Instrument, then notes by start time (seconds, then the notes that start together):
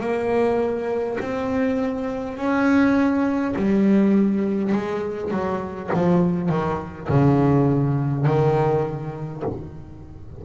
double bass
0.00 A#3
1.20 C4
2.37 C#4
3.56 G3
4.72 G#3
5.31 F#3
5.93 F3
6.49 D#3
7.09 C#3
8.25 D#3